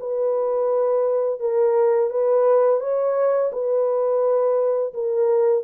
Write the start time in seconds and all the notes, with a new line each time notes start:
0.00 B4
1.40 A#4
2.10 B4
2.81 C#5
3.52 B4
4.94 A#4